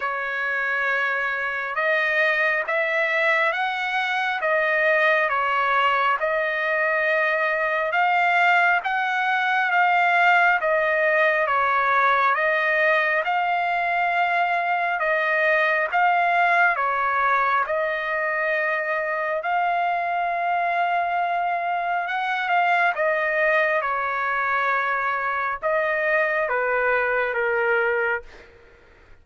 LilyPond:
\new Staff \with { instrumentName = "trumpet" } { \time 4/4 \tempo 4 = 68 cis''2 dis''4 e''4 | fis''4 dis''4 cis''4 dis''4~ | dis''4 f''4 fis''4 f''4 | dis''4 cis''4 dis''4 f''4~ |
f''4 dis''4 f''4 cis''4 | dis''2 f''2~ | f''4 fis''8 f''8 dis''4 cis''4~ | cis''4 dis''4 b'4 ais'4 | }